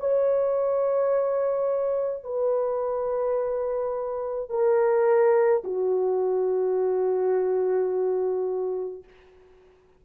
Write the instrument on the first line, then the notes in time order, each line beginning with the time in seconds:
horn
0.00 C#5
2.24 B4
4.50 A#4
5.64 F#4